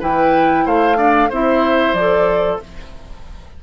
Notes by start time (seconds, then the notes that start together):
0.00 E3 E4 B4 G5
0.66 A3 C5 F5
0.97 D4 D5
1.30 C4 E4 C5 E5
1.94 F3 A4 D5